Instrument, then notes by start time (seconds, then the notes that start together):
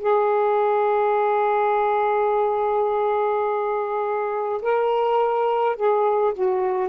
saxophone
0.00 G#4
4.62 A#4
5.76 G#4
6.34 F#4